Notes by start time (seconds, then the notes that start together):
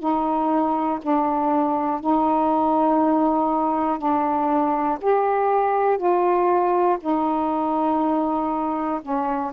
0.00 D#4
1.02 D4
2.01 D#4
3.99 D4
5.02 G4
5.98 F4
7.01 D#4
9.02 C#4